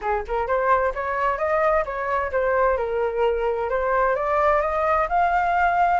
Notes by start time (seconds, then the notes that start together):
0.01 G#4
0.27 A#4
0.47 C5
0.94 C#5
1.38 D#5
1.85 C#5
2.31 C5
2.77 A#4
3.69 C5
4.15 D5
4.61 D#5
5.08 F5